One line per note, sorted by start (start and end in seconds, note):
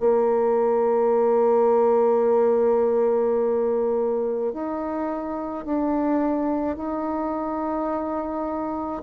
0.00 4.53 A#3
4.53 5.65 D#4
5.65 6.76 D4
6.76 9.03 D#4